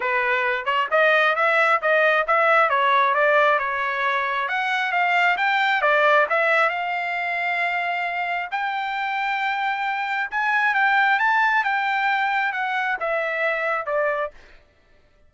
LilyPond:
\new Staff \with { instrumentName = "trumpet" } { \time 4/4 \tempo 4 = 134 b'4. cis''8 dis''4 e''4 | dis''4 e''4 cis''4 d''4 | cis''2 fis''4 f''4 | g''4 d''4 e''4 f''4~ |
f''2. g''4~ | g''2. gis''4 | g''4 a''4 g''2 | fis''4 e''2 d''4 | }